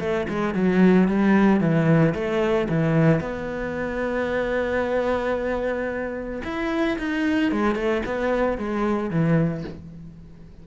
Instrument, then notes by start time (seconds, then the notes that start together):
cello
0.00 A3
0.29 G#3
0.54 F#3
1.08 G3
1.60 E3
2.15 A3
2.69 E3
3.20 B3
6.44 E4
6.98 D#4
7.51 G#3
7.75 A3
8.06 B3
8.58 G#3
9.10 E3